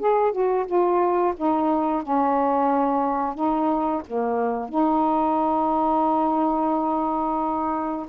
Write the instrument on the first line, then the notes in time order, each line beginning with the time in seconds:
saxophone
0.00 G#4
0.32 F#4
0.66 F4
1.37 D#4
2.03 C#4
3.35 D#4
4.07 A#3
4.69 D#4